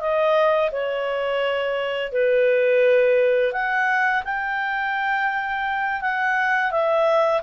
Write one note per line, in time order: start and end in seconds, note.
0.00 0.71 D#5
0.72 2.12 C#5
2.12 3.53 B4
3.53 4.23 F#5
4.24 6.01 G5
6.01 6.71 F#5
6.71 7.41 E5